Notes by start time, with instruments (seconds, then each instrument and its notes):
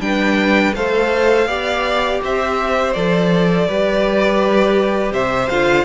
0.00 cello G3, viola D4, violin B4 G5
0.75 cello A3, viola A4, violin C5 F5
1.47 cello B3, viola G4, violin D5
2.23 cello C4, violin C5 E5
2.93 cello F3, viola A4, violin D5
3.68 cello G3, viola G4, violin B4
5.12 cello C3, violin C5 E5
5.50 cello D3, viola F4, violin F5